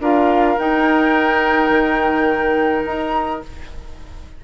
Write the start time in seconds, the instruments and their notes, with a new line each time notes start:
0.00 bassoon D4, clarinet F4, oboe A#4, flute F5
0.57 clarinet D#4, bassoon D#4, flute G5
1.70 bassoon D#3
2.86 bassoon D#4, flute A#5